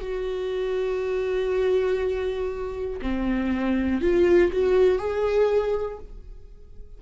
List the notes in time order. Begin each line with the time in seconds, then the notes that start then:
0.00 F#4
3.01 C4
4.01 F4
4.52 F#4
4.98 G#4